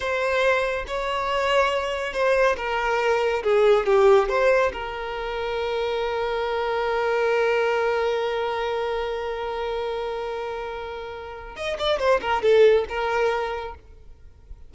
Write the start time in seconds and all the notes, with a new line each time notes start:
0.00 C5
0.87 C#5
2.13 C5
2.57 A#4
3.43 G#4
3.86 G4
4.29 C5
4.72 A#4
11.55 D#5
11.79 D5
11.99 C5
12.21 A#4
12.42 A4
12.88 A#4